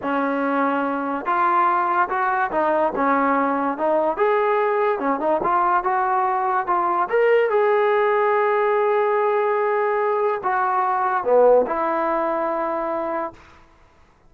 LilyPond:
\new Staff \with { instrumentName = "trombone" } { \time 4/4 \tempo 4 = 144 cis'2. f'4~ | f'4 fis'4 dis'4 cis'4~ | cis'4 dis'4 gis'2 | cis'8 dis'8 f'4 fis'2 |
f'4 ais'4 gis'2~ | gis'1~ | gis'4 fis'2 b4 | e'1 | }